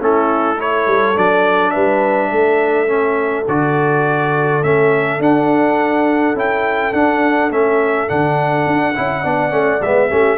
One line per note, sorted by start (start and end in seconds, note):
0.00 0.86 A3
0.00 0.57 C#4
0.00 0.58 E4
0.00 0.60 A4
0.57 1.15 E4
0.57 1.72 A4
0.57 1.17 C#5
0.86 1.15 G3
1.15 1.75 F#3
1.15 2.87 D4
1.15 1.70 D5
1.70 2.31 G3
1.70 2.30 B4
1.70 3.44 E5
2.31 3.47 A3
2.31 9.22 A4
2.87 3.44 C#4
3.48 4.63 D3
3.48 4.63 F#4
3.48 4.63 D5
4.63 5.19 A3
4.63 5.20 C#4
4.63 5.21 E5
5.19 6.34 D4
5.19 6.35 D4
5.19 6.37 F#5
6.34 6.92 C#4
6.34 6.93 E4
6.34 6.93 G5
6.93 7.50 D4
6.93 7.51 F#5
7.50 8.08 A3
7.50 8.07 C#4
7.50 8.09 E5
8.07 8.66 D3
8.07 8.94 D4
8.07 9.82 F#5
8.66 8.95 D4
8.95 9.25 C#4
8.95 9.23 E4
9.22 9.52 B3
9.22 9.50 D4
9.22 10.08 D5
9.50 9.81 A3
9.50 9.79 C#4
9.81 10.10 G#3
9.81 10.10 B3
9.81 10.37 E5
10.09 10.37 A3
10.09 10.37 C#4
10.09 10.37 G4